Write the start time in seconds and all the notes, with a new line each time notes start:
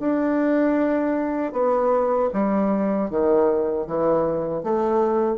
0.00 D4
1.53 B3
2.34 G3
3.10 D#3
3.87 E3
4.64 A3